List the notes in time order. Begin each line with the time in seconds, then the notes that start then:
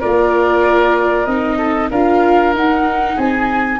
0.00 A#3 F4 A#4 D5
1.26 C4 D#4 D#5
1.57 A4
1.90 D4 F4 A#4 F5
2.54 D#4 F#5
3.16 C4 G#4 G#5